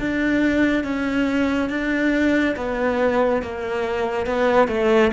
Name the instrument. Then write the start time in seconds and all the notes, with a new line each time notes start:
cello
0.00 D4
0.84 C#4
1.70 D4
2.57 B3
3.43 A#3
4.27 B3
4.68 A3